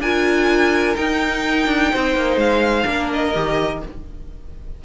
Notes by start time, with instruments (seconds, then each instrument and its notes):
0.00 cello D4, viola F4, violin A#4 G#5
0.96 viola D#4, cello D#4, violin G5
1.67 cello D4
1.92 cello C4, violin C5
2.16 cello A#3
2.37 cello G#3, violin F5
2.85 cello A#3, viola D4, violin A#4
3.13 violin D#5
3.35 cello D#3, viola G4